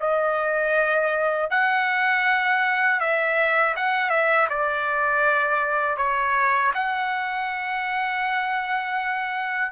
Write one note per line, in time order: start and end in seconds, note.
0.00 1.50 D#5
1.50 3.00 F#5
3.00 3.75 E5
3.76 4.10 F#5
4.10 4.47 E5
4.49 5.97 D5
5.97 6.72 C#5
6.74 9.72 F#5